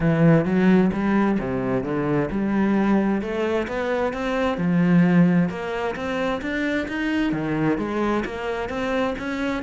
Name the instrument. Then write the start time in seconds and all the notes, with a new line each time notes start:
cello
0.00 E3
0.45 F#3
0.92 G3
1.39 C3
1.83 D3
2.30 G3
3.21 A3
3.67 B3
4.13 C4
4.57 F3
5.49 A#3
5.95 C4
6.41 D4
6.88 D#4
7.32 D#3
7.78 G#3
8.25 A#3
8.69 C4
9.18 C#4